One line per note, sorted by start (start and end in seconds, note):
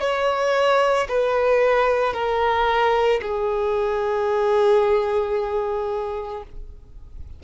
0.00 1.07 C#5
1.08 2.13 B4
2.13 3.20 A#4
3.21 6.43 G#4